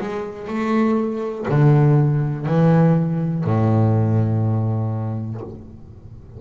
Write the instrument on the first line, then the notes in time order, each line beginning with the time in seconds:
double bass
0.00 G#3
0.47 A3
1.48 D3
2.45 E3
3.44 A2